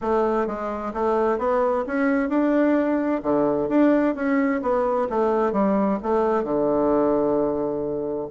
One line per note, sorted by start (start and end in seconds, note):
0.01 0.46 A3
0.46 0.92 G#3
0.93 1.38 A3
1.38 1.84 B3
1.86 2.29 C#4
2.29 3.21 D4
3.22 3.68 D3
3.68 4.15 D4
4.15 4.61 C#4
4.62 5.08 B3
5.09 5.52 A3
5.52 5.98 G3
6.03 6.43 A3
6.43 8.28 D3